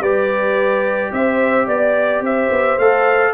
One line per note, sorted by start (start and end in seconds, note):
0.00 1.10 G3
0.00 2.79 G4
0.00 1.12 B4
0.00 1.13 D5
1.13 1.68 C4
1.13 1.67 C5
1.13 1.68 E5
1.67 2.21 B3
1.67 2.22 D5
1.67 2.24 D5
2.21 2.49 C4
2.21 3.34 C5
2.21 2.79 E5
2.51 2.78 B3
2.78 3.33 A3
2.78 3.34 A4
2.78 3.34 F5